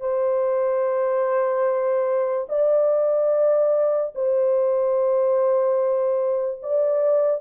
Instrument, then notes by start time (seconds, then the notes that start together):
horn
0.00 C5
2.49 D5
4.15 C5
6.62 D5